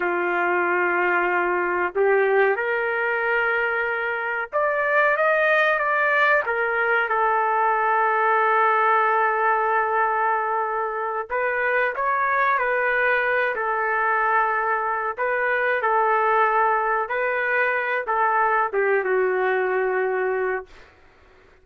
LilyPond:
\new Staff \with { instrumentName = "trumpet" } { \time 4/4 \tempo 4 = 93 f'2. g'4 | ais'2. d''4 | dis''4 d''4 ais'4 a'4~ | a'1~ |
a'4. b'4 cis''4 b'8~ | b'4 a'2~ a'8 b'8~ | b'8 a'2 b'4. | a'4 g'8 fis'2~ fis'8 | }